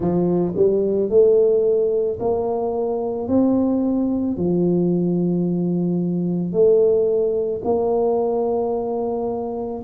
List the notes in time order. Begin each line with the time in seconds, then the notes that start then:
0.00 F3
0.56 G3
1.09 A3
2.19 A#3
3.27 C4
4.36 F3
6.52 A3
7.64 A#3